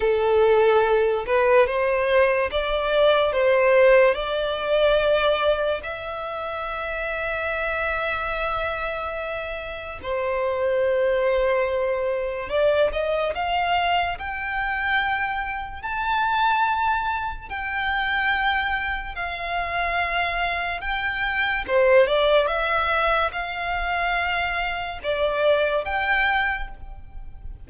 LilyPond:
\new Staff \with { instrumentName = "violin" } { \time 4/4 \tempo 4 = 72 a'4. b'8 c''4 d''4 | c''4 d''2 e''4~ | e''1 | c''2. d''8 dis''8 |
f''4 g''2 a''4~ | a''4 g''2 f''4~ | f''4 g''4 c''8 d''8 e''4 | f''2 d''4 g''4 | }